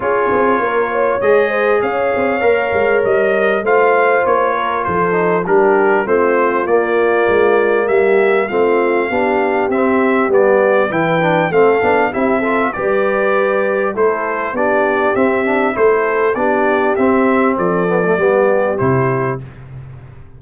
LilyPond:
<<
  \new Staff \with { instrumentName = "trumpet" } { \time 4/4 \tempo 4 = 99 cis''2 dis''4 f''4~ | f''4 dis''4 f''4 cis''4 | c''4 ais'4 c''4 d''4~ | d''4 e''4 f''2 |
e''4 d''4 g''4 f''4 | e''4 d''2 c''4 | d''4 e''4 c''4 d''4 | e''4 d''2 c''4 | }
  \new Staff \with { instrumentName = "horn" } { \time 4/4 gis'4 ais'8 cis''4 c''8 cis''4~ | cis''2 c''4. ais'8 | a'4 g'4 f'2~ | f'4 g'4 f'4 g'4~ |
g'2 b'4 a'4 | g'8 a'8 b'2 a'4 | g'2 a'4 g'4~ | g'4 a'4 g'2 | }
  \new Staff \with { instrumentName = "trombone" } { \time 4/4 f'2 gis'2 | ais'2 f'2~ | f'8 dis'8 d'4 c'4 ais4~ | ais2 c'4 d'4 |
c'4 b4 e'8 d'8 c'8 d'8 | e'8 f'8 g'2 e'4 | d'4 c'8 d'8 e'4 d'4 | c'4. b16 a16 b4 e'4 | }
  \new Staff \with { instrumentName = "tuba" } { \time 4/4 cis'8 c'8 ais4 gis4 cis'8 c'8 | ais8 gis8 g4 a4 ais4 | f4 g4 a4 ais4 | gis4 g4 a4 b4 |
c'4 g4 e4 a8 b8 | c'4 g2 a4 | b4 c'4 a4 b4 | c'4 f4 g4 c4 | }
>>